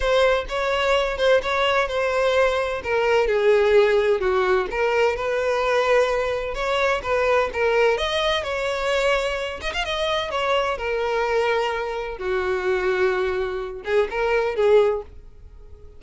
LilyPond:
\new Staff \with { instrumentName = "violin" } { \time 4/4 \tempo 4 = 128 c''4 cis''4. c''8 cis''4 | c''2 ais'4 gis'4~ | gis'4 fis'4 ais'4 b'4~ | b'2 cis''4 b'4 |
ais'4 dis''4 cis''2~ | cis''8 dis''16 f''16 dis''4 cis''4 ais'4~ | ais'2 fis'2~ | fis'4. gis'8 ais'4 gis'4 | }